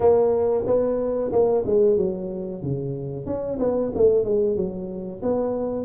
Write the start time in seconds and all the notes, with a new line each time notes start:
0.00 A#3
0.66 B3
1.32 A#3
1.65 G#3
1.97 F#3
2.62 C#3
3.25 C#4
3.59 B3
3.94 A3
4.24 G#3
4.56 F#3
5.22 B3